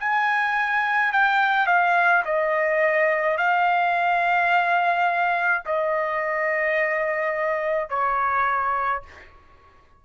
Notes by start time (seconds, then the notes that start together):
0.00 G#5
1.13 G5
1.67 F5
2.25 D#5
3.38 F5
5.66 D#5
7.89 C#5